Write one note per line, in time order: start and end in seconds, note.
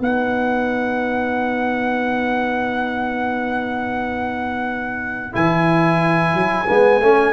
0.00 5.33 B3
0.00 5.33 D#4
0.00 7.33 B4
0.00 5.35 F#5
5.33 6.34 E3
5.33 6.66 E4
5.33 7.33 G#5
6.34 6.67 F#3
6.68 7.01 G#3
6.68 7.02 B3
7.01 7.33 A3
7.01 7.33 C#4